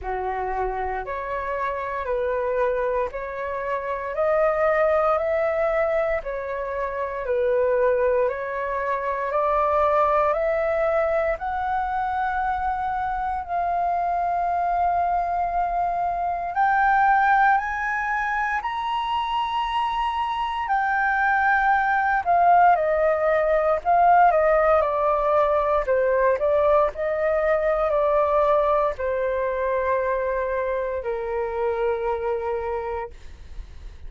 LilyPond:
\new Staff \with { instrumentName = "flute" } { \time 4/4 \tempo 4 = 58 fis'4 cis''4 b'4 cis''4 | dis''4 e''4 cis''4 b'4 | cis''4 d''4 e''4 fis''4~ | fis''4 f''2. |
g''4 gis''4 ais''2 | g''4. f''8 dis''4 f''8 dis''8 | d''4 c''8 d''8 dis''4 d''4 | c''2 ais'2 | }